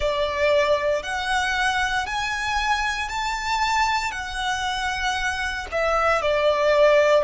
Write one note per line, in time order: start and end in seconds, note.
0.00 1.03 D5
1.03 2.06 F#5
2.06 3.08 G#5
3.08 4.11 A5
4.11 5.66 F#5
5.71 6.21 E5
6.21 7.23 D5